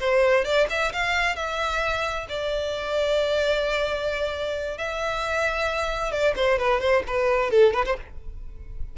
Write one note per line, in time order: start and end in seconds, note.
0.00 0.45 C5
0.45 0.67 D5
0.70 0.93 E5
0.93 1.36 F5
1.36 2.27 E5
2.29 4.78 D5
4.78 6.12 E5
6.12 6.35 D5
6.36 6.59 C5
6.59 6.81 B4
6.81 7.03 C5
7.07 7.51 B4
7.51 7.73 A4
7.74 7.85 B4
7.86 7.97 C5